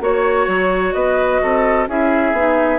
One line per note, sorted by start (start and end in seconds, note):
0.00 0.47 A#3
0.00 1.88 F#4
0.00 0.94 C#5
0.00 0.93 C#5
0.47 0.94 F#3
0.93 1.41 B3
0.93 1.41 B4
0.93 1.86 D#5
1.42 1.88 C4
1.42 1.89 A4
1.88 2.32 C#4
1.88 2.35 E4
1.88 2.79 G#4
1.88 2.79 E5
2.32 2.79 B3
2.32 2.79 D#4